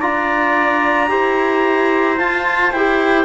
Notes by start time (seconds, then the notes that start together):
0.00 D4 F4 D5 A#5
1.08 E4 G4 C5
2.17 F4 A5
2.72 E4 G4 G5